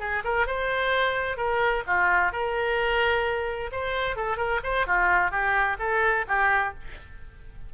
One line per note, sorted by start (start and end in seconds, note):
0.00 0.23 G#4
0.24 0.47 A#4
0.47 1.37 C5
1.37 1.84 A#4
1.87 2.32 F4
2.32 3.71 A#4
3.72 4.17 C5
4.17 4.37 A4
4.37 4.60 A#4
4.64 4.87 C5
4.87 5.31 F4
5.31 5.77 G4
5.79 6.25 A4
6.28 6.74 G4